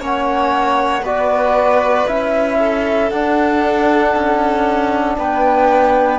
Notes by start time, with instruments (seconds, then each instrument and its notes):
0.00 cello A#3, trombone C#4, violin C#5, flute F#5
1.02 cello B3, trombone F#4, violin B4, flute D5
2.08 cello C#4, trombone E4, flute E5
2.59 violin A4
3.10 cello D4, trombone D4, flute F#5
4.16 cello C#4
5.18 cello B3, violin B4, flute G5